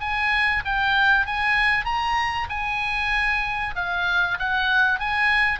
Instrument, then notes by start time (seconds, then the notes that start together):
oboe
0.00 G#5
0.65 G5
1.26 G#5
1.85 A#5
2.49 G#5
3.75 F5
4.39 F#5
4.99 G#5